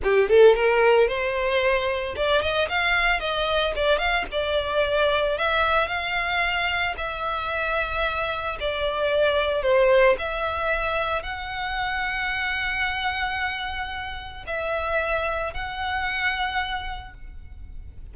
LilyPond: \new Staff \with { instrumentName = "violin" } { \time 4/4 \tempo 4 = 112 g'8 a'8 ais'4 c''2 | d''8 dis''8 f''4 dis''4 d''8 f''8 | d''2 e''4 f''4~ | f''4 e''2. |
d''2 c''4 e''4~ | e''4 fis''2.~ | fis''2. e''4~ | e''4 fis''2. | }